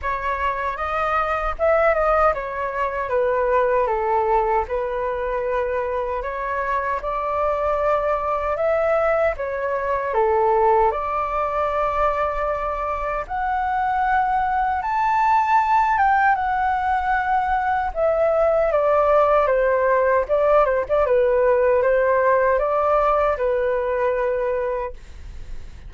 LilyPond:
\new Staff \with { instrumentName = "flute" } { \time 4/4 \tempo 4 = 77 cis''4 dis''4 e''8 dis''8 cis''4 | b'4 a'4 b'2 | cis''4 d''2 e''4 | cis''4 a'4 d''2~ |
d''4 fis''2 a''4~ | a''8 g''8 fis''2 e''4 | d''4 c''4 d''8 c''16 d''16 b'4 | c''4 d''4 b'2 | }